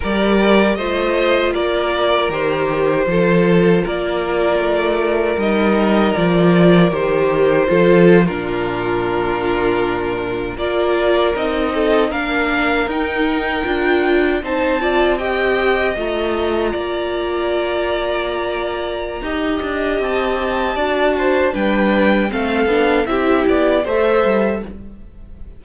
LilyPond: <<
  \new Staff \with { instrumentName = "violin" } { \time 4/4 \tempo 4 = 78 d''4 dis''4 d''4 c''4~ | c''4 d''2 dis''4 | d''4 c''4.~ c''16 ais'4~ ais'16~ | ais'4.~ ais'16 d''4 dis''4 f''16~ |
f''8. g''2 a''4 g''16~ | g''8. ais''2.~ ais''16~ | ais''2 a''2 | g''4 f''4 e''8 d''8 e''4 | }
  \new Staff \with { instrumentName = "violin" } { \time 4/4 ais'4 c''4 ais'2 | a'4 ais'2.~ | ais'2 a'8. f'4~ f'16~ | f'4.~ f'16 ais'4. a'8 ais'16~ |
ais'2~ ais'8. c''8 d''8 dis''16~ | dis''4.~ dis''16 d''2~ d''16~ | d''4 dis''2 d''8 c''8 | b'4 a'4 g'4 c''4 | }
  \new Staff \with { instrumentName = "viola" } { \time 4/4 g'4 f'2 g'4 | f'2. dis'4 | f'4 g'4 f'8. d'4~ d'16~ | d'4.~ d'16 f'4 dis'4 d'16~ |
d'8. dis'4 f'4 dis'8 f'8 g'16~ | g'8. f'2.~ f'16~ | f'4 g'2 fis'4 | d'4 c'8 d'8 e'4 a'4 | }
  \new Staff \with { instrumentName = "cello" } { \time 4/4 g4 a4 ais4 dis4 | f4 ais4 a4 g4 | f4 dis4 f8. ais,4~ ais,16~ | ais,4.~ ais,16 ais4 c'4 ais16~ |
ais8. dis'4 d'4 c'4~ c'16~ | c'8. a4 ais2~ ais16~ | ais4 dis'8 d'8 c'4 d'4 | g4 a8 b8 c'8 b8 a8 g8 | }
>>